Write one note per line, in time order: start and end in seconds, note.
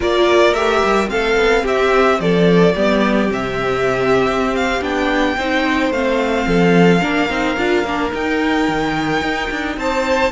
0.00 0.54 A#3
0.00 0.53 F4
0.00 1.10 A#4
0.00 0.53 D5
0.53 0.82 A3
0.53 1.07 G4
0.53 1.08 E5
0.84 1.12 G3
1.07 1.36 A3
1.07 2.72 C4
1.07 1.62 A4
1.07 1.64 F5
1.36 1.63 B3
1.62 2.19 C4
1.62 2.18 G4
1.62 2.20 E5
2.19 2.74 F3
2.19 2.75 A4
2.19 3.30 D5
2.75 3.30 G3
2.75 3.29 B3
2.75 5.36 G4
3.29 4.26 C3
3.29 4.80 C4
3.29 4.55 E5
4.26 4.81 C4
4.55 4.83 F5
4.81 5.36 B3
4.81 5.36 D4
4.81 5.92 G5
5.37 5.90 C4
5.37 5.93 D#4
5.37 6.47 C5
5.90 6.45 A3
5.90 7.00 C4
5.90 8.12 F5
6.47 7.02 F3
6.47 7.01 A4
7.00 7.29 A#3
7.00 7.28 D4
7.00 9.76 A#4
7.29 7.57 C4
7.29 7.57 D#4
7.57 7.84 D4
7.57 7.85 F4
7.84 8.11 A#3
7.84 8.11 D4
8.11 10.31 D#4
8.11 8.68 D#4
8.11 9.79 G5
8.68 9.21 D#3
9.21 9.49 D#4
9.50 9.76 D4
9.76 10.31 C4
9.76 10.31 C5
9.76 10.31 A5